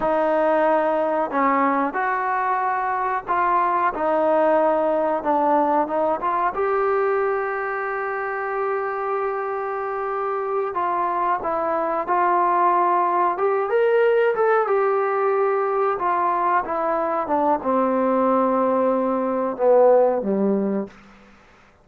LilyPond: \new Staff \with { instrumentName = "trombone" } { \time 4/4 \tempo 4 = 92 dis'2 cis'4 fis'4~ | fis'4 f'4 dis'2 | d'4 dis'8 f'8 g'2~ | g'1~ |
g'8 f'4 e'4 f'4.~ | f'8 g'8 ais'4 a'8 g'4.~ | g'8 f'4 e'4 d'8 c'4~ | c'2 b4 g4 | }